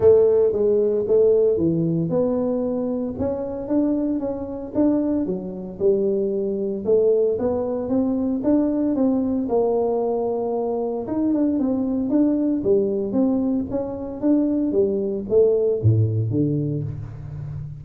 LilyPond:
\new Staff \with { instrumentName = "tuba" } { \time 4/4 \tempo 4 = 114 a4 gis4 a4 e4 | b2 cis'4 d'4 | cis'4 d'4 fis4 g4~ | g4 a4 b4 c'4 |
d'4 c'4 ais2~ | ais4 dis'8 d'8 c'4 d'4 | g4 c'4 cis'4 d'4 | g4 a4 a,4 d4 | }